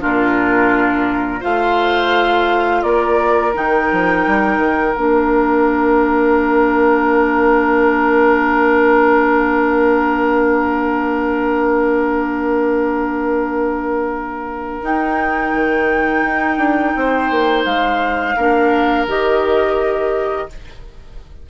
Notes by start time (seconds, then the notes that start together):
0.00 A#2 D4 F4 A#4
1.41 A3 F4 C5 F5
2.83 A#3 A#4 D5
3.54 D#3 D#4 G5
3.92 F3
4.27 G3
4.58 D#3
4.95 A#3 D4 F5
14.82 D#4 G5
15.55 D#3
16.24 D#4
16.58 D4
16.96 C4 C5
17.31 A#3
17.66 G#3 F5
18.36 A#3 D4 A#4
19.07 D#3 G4 D#5